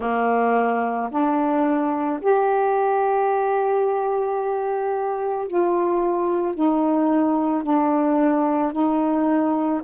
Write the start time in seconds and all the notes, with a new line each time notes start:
0.00 A#3
1.11 D4
2.21 G4
5.47 F4
6.55 D#4
7.63 D4
8.72 D#4